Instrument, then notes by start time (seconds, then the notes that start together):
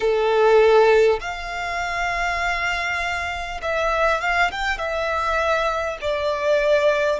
violin
0.00 A4
1.20 F5
3.62 E5
4.20 F5
4.51 G5
4.78 E5
6.01 D5